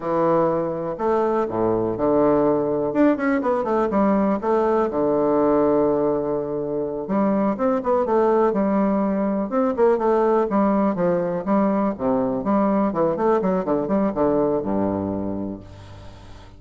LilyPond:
\new Staff \with { instrumentName = "bassoon" } { \time 4/4 \tempo 4 = 123 e2 a4 a,4 | d2 d'8 cis'8 b8 a8 | g4 a4 d2~ | d2~ d8 g4 c'8 |
b8 a4 g2 c'8 | ais8 a4 g4 f4 g8~ | g8 c4 g4 e8 a8 fis8 | d8 g8 d4 g,2 | }